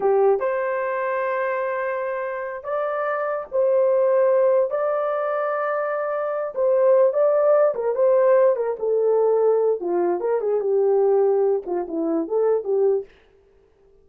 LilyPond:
\new Staff \with { instrumentName = "horn" } { \time 4/4 \tempo 4 = 147 g'4 c''2.~ | c''2~ c''8 d''4.~ | d''8 c''2. d''8~ | d''1 |
c''4. d''4. ais'8 c''8~ | c''4 ais'8 a'2~ a'8 | f'4 ais'8 gis'8 g'2~ | g'8 f'8 e'4 a'4 g'4 | }